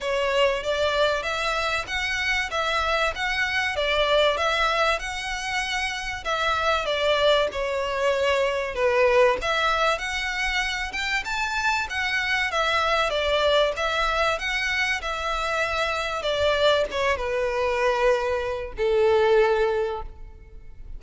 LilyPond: \new Staff \with { instrumentName = "violin" } { \time 4/4 \tempo 4 = 96 cis''4 d''4 e''4 fis''4 | e''4 fis''4 d''4 e''4 | fis''2 e''4 d''4 | cis''2 b'4 e''4 |
fis''4. g''8 a''4 fis''4 | e''4 d''4 e''4 fis''4 | e''2 d''4 cis''8 b'8~ | b'2 a'2 | }